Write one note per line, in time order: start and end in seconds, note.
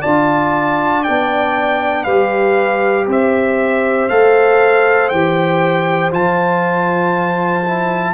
0.00 1.07 D4
0.00 1.05 F4
0.00 2.03 D5
0.00 1.03 A5
1.03 2.06 B3
1.03 2.07 D4
1.03 2.03 G5
2.03 3.07 G3
2.03 4.10 G4
2.03 3.05 B4
2.03 3.05 F5
3.07 4.09 C4
3.07 8.13 C5
3.07 4.08 E5
4.08 5.11 A3
4.08 5.11 A4
4.08 5.09 F5
5.09 6.12 E3
5.09 6.11 G4
5.09 6.10 G5
6.11 8.13 F3
6.11 7.63 F4
6.11 8.13 A5
7.64 8.13 E4